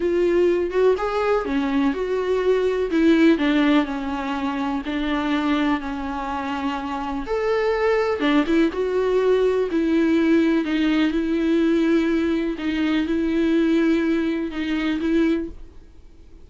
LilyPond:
\new Staff \with { instrumentName = "viola" } { \time 4/4 \tempo 4 = 124 f'4. fis'8 gis'4 cis'4 | fis'2 e'4 d'4 | cis'2 d'2 | cis'2. a'4~ |
a'4 d'8 e'8 fis'2 | e'2 dis'4 e'4~ | e'2 dis'4 e'4~ | e'2 dis'4 e'4 | }